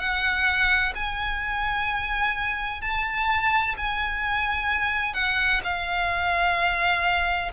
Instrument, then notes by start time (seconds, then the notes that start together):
violin
0.00 F#5
0.95 G#5
2.82 A5
3.77 G#5
5.14 F#5
5.65 F5